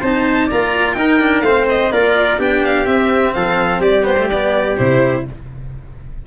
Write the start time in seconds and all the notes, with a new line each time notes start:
0.00 C4 D#4 C5 A5
0.47 A#3 F4 D5 A#5
0.93 D#4 A#4 G5
1.20 D4
1.41 A3 C4 C5 F5
1.69 D#5
1.91 A#3 F4 A#4 D5
2.38 B3 D4 G4 G5
2.64 F5
2.86 C4 E5
3.34 F3 A4 F5
3.79 G3 G4 D5
4.03 B3 C5
4.18 A3
4.30 B3 D5
4.77 C3 E4 C5